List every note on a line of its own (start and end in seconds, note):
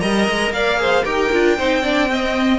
0.00 0.28 G3
0.00 0.78 A#4
0.00 0.53 D#5
0.00 0.52 A#5
0.29 0.51 G#3
0.51 1.03 A#3
0.51 0.81 D5
0.51 1.05 F5
0.78 1.04 G#4
0.78 1.05 C5
1.05 1.32 D#4
1.05 1.31 G4
1.05 1.57 A#4
1.05 2.59 G5
1.32 1.59 D4
1.32 1.58 F4
1.58 2.59 C4
1.58 1.83 D#4
1.58 1.83 C5
1.83 2.10 D4
1.83 2.09 D5
2.10 2.59 C4
2.10 2.59 D#5